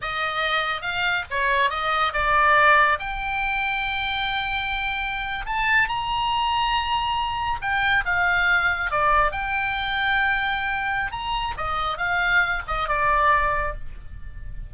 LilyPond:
\new Staff \with { instrumentName = "oboe" } { \time 4/4 \tempo 4 = 140 dis''2 f''4 cis''4 | dis''4 d''2 g''4~ | g''1~ | g''8. a''4 ais''2~ ais''16~ |
ais''4.~ ais''16 g''4 f''4~ f''16~ | f''8. d''4 g''2~ g''16~ | g''2 ais''4 dis''4 | f''4. dis''8 d''2 | }